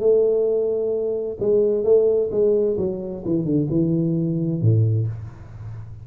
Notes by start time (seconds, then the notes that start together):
0.00 A3
1.40 G#3
1.84 A3
2.31 G#3
2.78 F#3
3.25 E3
3.45 D3
3.70 E3
4.62 A2